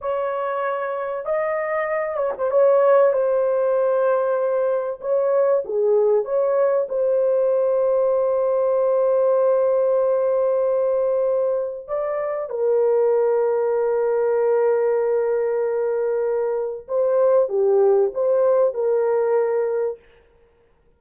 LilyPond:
\new Staff \with { instrumentName = "horn" } { \time 4/4 \tempo 4 = 96 cis''2 dis''4. cis''16 c''16 | cis''4 c''2. | cis''4 gis'4 cis''4 c''4~ | c''1~ |
c''2. d''4 | ais'1~ | ais'2. c''4 | g'4 c''4 ais'2 | }